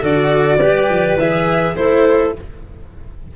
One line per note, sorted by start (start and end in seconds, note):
0.00 0.61 D3
0.00 0.59 F#4
0.00 0.58 A4
0.00 1.20 D5
0.59 0.90 G3
0.59 1.20 G4
0.59 1.74 B4
0.90 1.16 F3
1.16 1.73 E3
1.16 1.76 G#4
1.16 1.77 E5
1.76 2.34 A3
1.76 2.34 E4
1.76 2.36 A4
1.76 2.34 C5